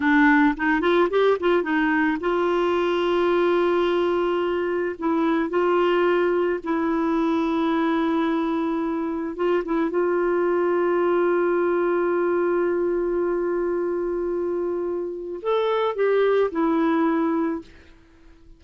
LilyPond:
\new Staff \with { instrumentName = "clarinet" } { \time 4/4 \tempo 4 = 109 d'4 dis'8 f'8 g'8 f'8 dis'4 | f'1~ | f'4 e'4 f'2 | e'1~ |
e'4 f'8 e'8 f'2~ | f'1~ | f'1 | a'4 g'4 e'2 | }